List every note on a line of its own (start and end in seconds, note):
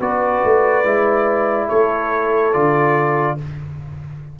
0.00 0.42 B3
0.00 0.85 F#4
0.00 1.69 B4
0.00 1.69 D5
0.44 0.84 A3
0.84 1.68 G#3
0.84 2.53 E4
1.69 2.55 A3
1.69 3.38 A4
1.69 2.53 C#5
2.53 3.39 D3
2.53 3.38 F4
2.53 3.38 D5